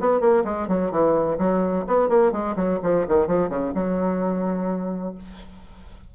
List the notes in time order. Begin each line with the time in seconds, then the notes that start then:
0.00 B3
0.20 A#3
0.44 G#3
0.68 F#3
0.91 E3
1.38 F#3
1.87 B3
2.09 A#3
2.32 G#3
2.56 F#3
2.83 F3
3.08 D#3
3.27 F3
3.49 C#3
3.74 F#3